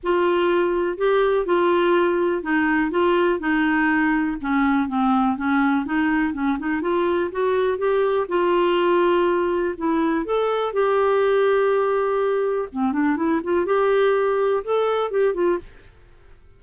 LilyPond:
\new Staff \with { instrumentName = "clarinet" } { \time 4/4 \tempo 4 = 123 f'2 g'4 f'4~ | f'4 dis'4 f'4 dis'4~ | dis'4 cis'4 c'4 cis'4 | dis'4 cis'8 dis'8 f'4 fis'4 |
g'4 f'2. | e'4 a'4 g'2~ | g'2 c'8 d'8 e'8 f'8 | g'2 a'4 g'8 f'8 | }